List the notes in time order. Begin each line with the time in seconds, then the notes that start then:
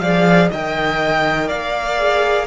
0.00 F3 G#4 D5 F5
0.51 D#3 A#4 D#5 G5
1.48 A#3 D5 F5
1.99 G#4